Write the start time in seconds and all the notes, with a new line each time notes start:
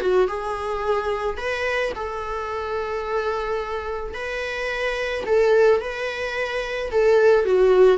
0.00 F#4
0.28 G#4
1.37 B4
1.95 A4
4.14 B4
5.26 A4
5.81 B4
6.91 A4
7.45 F#4